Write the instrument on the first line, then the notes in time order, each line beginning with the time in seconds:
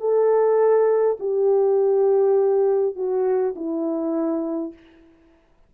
horn
0.00 A4
1.20 G4
2.96 F#4
3.56 E4